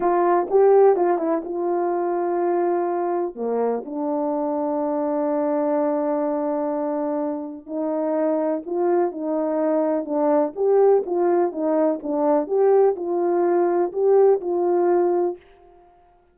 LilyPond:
\new Staff \with { instrumentName = "horn" } { \time 4/4 \tempo 4 = 125 f'4 g'4 f'8 e'8 f'4~ | f'2. ais4 | d'1~ | d'1 |
dis'2 f'4 dis'4~ | dis'4 d'4 g'4 f'4 | dis'4 d'4 g'4 f'4~ | f'4 g'4 f'2 | }